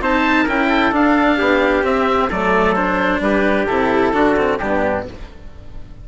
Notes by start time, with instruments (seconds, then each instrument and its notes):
0.00 bassoon C4, cello D#4, trumpet C5, oboe A5
0.43 bassoon C#4, cello E4, trumpet A#4, oboe G5
0.69 trumpet A4
0.92 bassoon D4, cello D4, oboe F5
1.37 bassoon B3, trumpet G4
1.83 cello C4, bassoon C4, oboe E5
2.28 bassoon F#3, cello A3, trumpet A4, oboe D5
2.75 cello D4, oboe C5
3.19 bassoon G3, trumpet G4, oboe B4
3.66 bassoon C3, cello E4, oboe A4
4.13 bassoon D3, cello D4, trumpet F#4
4.36 cello C4
4.58 bassoon G2, cello B3, trumpet D4, oboe G4